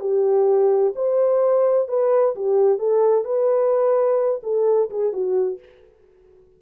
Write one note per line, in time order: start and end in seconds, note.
0.00 0.93 G4
0.95 1.88 C5
1.88 2.34 B4
2.35 2.78 G4
2.78 3.24 A4
3.24 4.41 B4
4.43 4.89 A4
4.90 5.12 G#4
5.12 5.59 F#4